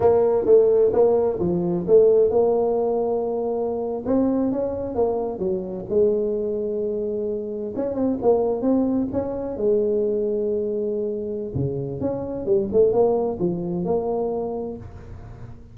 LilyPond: \new Staff \with { instrumentName = "tuba" } { \time 4/4 \tempo 4 = 130 ais4 a4 ais4 f4 | a4 ais2.~ | ais8. c'4 cis'4 ais4 fis16~ | fis8. gis2.~ gis16~ |
gis8. cis'8 c'8 ais4 c'4 cis'16~ | cis'8. gis2.~ gis16~ | gis4 cis4 cis'4 g8 a8 | ais4 f4 ais2 | }